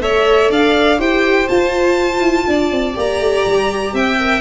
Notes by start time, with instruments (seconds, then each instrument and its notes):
0.00 tuba A3, viola A4, violin C#5 E5
0.49 tuba D4, violin D5 F5
0.98 tuba E4, viola G4, violin C5 G5
1.48 viola F4, tuba F4, violin A5
2.19 tuba E4
2.47 tuba D4, violin D5
2.71 tuba C4
2.93 tuba A#3, viola G4
2.99 violin A#5
3.19 tuba A3
3.46 tuba G3
3.93 tuba C4, violin E5 G5
4.18 viola A#4